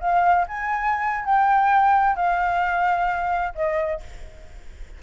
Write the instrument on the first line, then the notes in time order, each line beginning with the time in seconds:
flute
0.00 F5
0.47 G#5
1.25 G5
2.15 F5
3.55 D#5